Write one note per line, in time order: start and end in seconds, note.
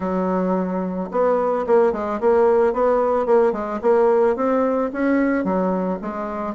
0.00 1.09 F#3
1.11 1.65 B3
1.66 1.92 A#3
1.92 2.19 G#3
2.20 2.73 A#3
2.73 3.26 B3
3.26 3.52 A#3
3.52 3.79 G#3
3.81 4.36 A#3
4.36 4.90 C4
4.92 5.44 C#4
5.44 5.99 F#3
6.01 6.54 G#3